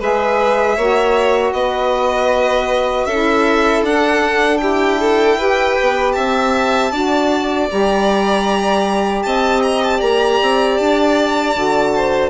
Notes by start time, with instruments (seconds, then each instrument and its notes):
0.00 bassoon G#3, saxophone G#4, violin B4 E5
0.76 bassoon A#3, saxophone F#4, violin C#5
1.53 bassoon B3, violin B4 D#5
3.06 bassoon C#4, violin A4 E5
3.12 saxophone E4
3.83 bassoon D4, saxophone D4, violin F#5
4.58 bassoon E4, violin G4 G5
5.01 violin A4
5.38 saxophone G4, violin B4
5.81 bassoon B3
6.13 bassoon C4, violin E5 A5
6.92 bassoon D4, saxophone F#4, violin D5
7.70 bassoon G3, saxophone G4, violin A#5
9.23 bassoon C4, violin D#5 A5
9.63 violin A#5
9.83 violin A5
9.97 bassoon A#3, violin D5 A#5
10.42 bassoon C4
10.78 bassoon D4, violin A5
11.54 bassoon D3, saxophone F#4
11.96 violin C5